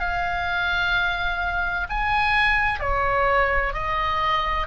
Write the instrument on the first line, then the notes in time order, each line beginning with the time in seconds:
oboe
0.00 F5
1.90 G#5
2.80 C#5
3.73 D#5